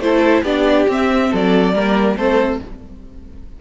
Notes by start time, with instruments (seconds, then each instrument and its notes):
0.00 cello A3, viola E4, violin A4 C5
0.43 cello B3, viola D4, violin G4 D5
0.88 cello C4, viola C4, violin E5
1.31 cello F#3, violin A4 D5
1.73 cello G3, viola A#3, violin A#4
2.17 cello A3, viola C4, violin A4 C5